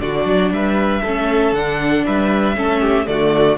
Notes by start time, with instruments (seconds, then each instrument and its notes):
0.00 cello D3, viola D4, violin F#4 D5
0.24 cello F#3
0.50 cello G3, violin B4 E5
1.02 cello A3, viola C#4, violin A4
1.52 cello D3, viola D4, violin F#5
2.06 cello G3, violin B4 E5
2.56 cello A3, viola C#4, violin A4
2.81 violin G4
3.06 cello D3, viola A3, violin F#4 D5